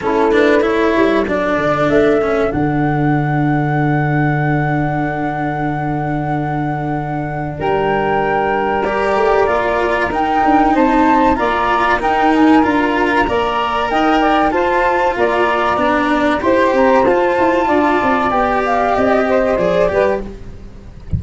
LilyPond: <<
  \new Staff \with { instrumentName = "flute" } { \time 4/4 \tempo 4 = 95 a'8 b'8 cis''4 d''4 e''4 | fis''1~ | fis''1 | g''2 d''2 |
g''4 a''4 ais''4 g''8 gis''8 | ais''2 g''4 a''4 | ais''2 c'''8 ais''8 a''4~ | a''4 g''8 f''8 dis''4 d''4 | }
  \new Staff \with { instrumentName = "saxophone" } { \time 4/4 e'4 a'2.~ | a'1~ | a'1 | ais'1~ |
ais'4 c''4 d''4 ais'4~ | ais'4 d''4 dis''8 d''8 c''4 | d''2 c''2 | d''2~ d''8 c''4 b'8 | }
  \new Staff \with { instrumentName = "cello" } { \time 4/4 cis'8 d'8 e'4 d'4. cis'8 | d'1~ | d'1~ | d'2 g'4 f'4 |
dis'2 f'4 dis'4 | f'4 ais'2 f'4~ | f'4 d'4 g'4 f'4~ | f'4 g'2 gis'8 g'8 | }
  \new Staff \with { instrumentName = "tuba" } { \time 4/4 a4. g8 fis8 d8 a4 | d1~ | d1 | g2~ g8 a8 ais4 |
dis'8 d'8 c'4 ais4 dis'4 | d'4 ais4 dis'4 f'4 | ais4 b4 e'8 c'8 f'8 e'8 | d'8 c'8 b4 c'4 f8 g8 | }
>>